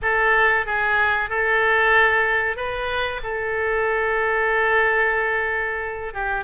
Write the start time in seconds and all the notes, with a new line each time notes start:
0.01 A4
0.66 G#4
1.29 A4
2.56 B4
3.23 A4
6.13 G4